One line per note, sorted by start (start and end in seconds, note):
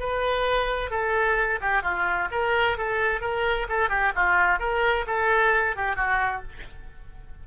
0.00 0.91 B4
0.91 1.60 A4
1.61 1.83 G4
1.83 2.29 F4
2.32 2.78 A#4
2.78 3.21 A4
3.21 3.68 A#4
3.69 3.90 A4
3.90 4.13 G4
4.16 4.60 F4
4.60 5.06 A#4
5.07 5.77 A4
5.77 5.96 G4
5.96 6.42 F#4